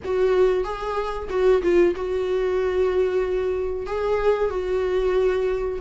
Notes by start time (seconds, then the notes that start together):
0.04 F#4
0.63 G#4
1.29 F#4
1.62 F4
1.95 F#4
3.86 G#4
4.50 F#4